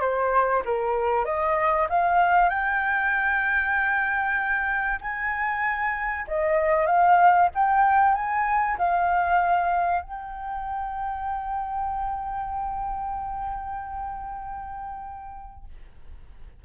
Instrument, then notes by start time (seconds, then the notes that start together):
flute
0.00 C5
0.65 A#4
1.25 D#5
1.89 F5
2.49 G5
5.01 G#5
6.27 D#5
6.86 F5
7.55 G5
8.15 G#5
8.78 F5
10.02 G5